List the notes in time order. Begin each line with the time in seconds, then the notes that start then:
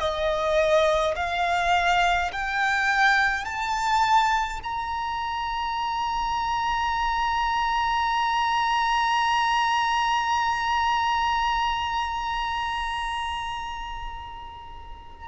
0.00 D#5
1.16 F5
2.32 G5
3.45 A5
4.63 A#5